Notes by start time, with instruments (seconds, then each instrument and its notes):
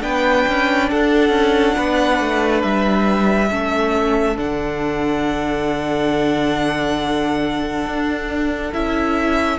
0.00 cello B3, viola D4, violin B4 G5
0.48 cello C#4
0.90 cello D4, violin A4 F#5
1.30 cello C#4
1.77 cello B3, violin B4
2.20 cello A3
2.63 cello G3, violin E5
3.50 cello A3, viola C#4, violin A4
4.36 cello D3, viola D4, violin F#5
7.86 cello D4
8.73 cello C#4, viola E4, violin E5